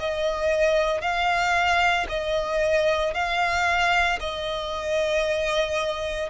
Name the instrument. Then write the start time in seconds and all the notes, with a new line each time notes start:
violin
0.00 D#5
1.01 F5
2.09 D#5
3.14 F5
4.20 D#5